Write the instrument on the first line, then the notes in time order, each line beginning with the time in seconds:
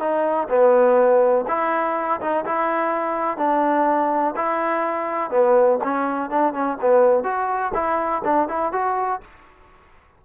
trombone
0.00 D#4
0.49 B3
1.48 E4
2.21 D#4
2.45 E4
3.38 D4
4.36 E4
5.31 B3
5.84 C#4
6.31 D4
6.53 C#4
6.82 B3
7.24 F#4
7.74 E4
8.25 D4
8.49 E4
8.73 F#4